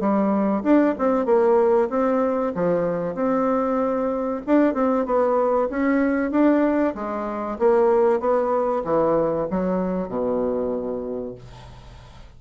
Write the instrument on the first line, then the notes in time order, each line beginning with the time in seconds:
bassoon
0.00 G3
0.63 D4
0.98 C4
1.26 A#3
1.90 C4
2.55 F3
3.15 C4
4.46 D4
4.75 C4
5.06 B3
5.70 C#4
6.32 D4
6.95 G#3
7.59 A#3
8.20 B3
8.85 E3
9.51 F#3
10.09 B2